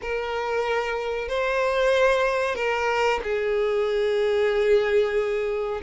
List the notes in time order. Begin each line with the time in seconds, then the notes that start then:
0.01 A#4
1.28 C5
2.55 A#4
3.23 G#4